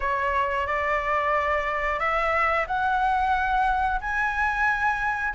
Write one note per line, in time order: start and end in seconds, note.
0.00 0.66 C#5
0.67 1.99 D5
1.99 2.66 E5
2.67 4.00 F#5
4.00 5.34 G#5